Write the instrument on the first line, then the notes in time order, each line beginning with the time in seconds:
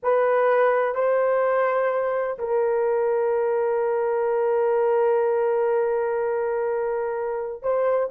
horn
0.02 B4
0.95 C5
2.38 A#4
7.62 C5